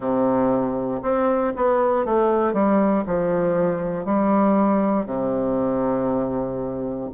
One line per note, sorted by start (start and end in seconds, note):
0.00 1.00 C3
1.02 1.53 C4
1.55 2.05 B3
2.05 2.53 A3
2.53 3.04 G3
3.06 4.05 F3
4.05 5.06 G3
5.06 7.09 C3